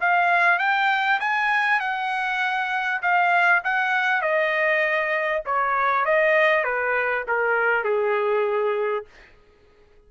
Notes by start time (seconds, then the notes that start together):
0.00 F5
0.59 G5
1.20 G#5
1.80 F#5
3.01 F5
3.64 F#5
4.21 D#5
5.45 C#5
6.05 D#5
6.63 B4
7.27 A#4
7.84 G#4